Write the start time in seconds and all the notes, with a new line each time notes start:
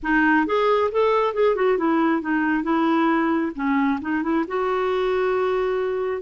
0.02 D#4
0.46 G#4
0.91 A4
1.34 G#4
1.55 F#4
1.77 E4
2.21 D#4
2.63 E4
3.55 C#4
4.01 D#4
4.22 E4
4.47 F#4